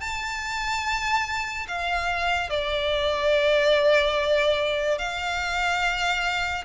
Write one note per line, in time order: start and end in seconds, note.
0.00 1.67 A5
1.67 2.50 F5
2.50 4.98 D5
4.98 6.64 F5